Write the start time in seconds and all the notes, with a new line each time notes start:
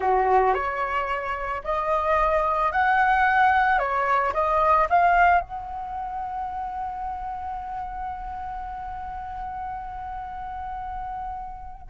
0.00 F#4
0.54 C#5
1.63 D#5
2.72 F#5
3.78 C#5
4.33 D#5
4.89 F5
5.40 F#5